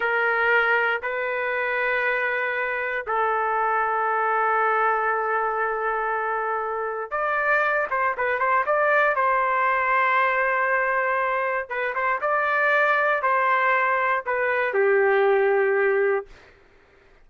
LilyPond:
\new Staff \with { instrumentName = "trumpet" } { \time 4/4 \tempo 4 = 118 ais'2 b'2~ | b'2 a'2~ | a'1~ | a'2 d''4. c''8 |
b'8 c''8 d''4 c''2~ | c''2. b'8 c''8 | d''2 c''2 | b'4 g'2. | }